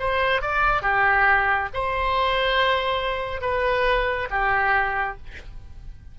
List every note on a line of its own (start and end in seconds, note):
0.00 0.42 C5
0.42 0.82 D5
0.82 1.69 G4
1.74 3.42 C5
3.42 4.28 B4
4.31 5.18 G4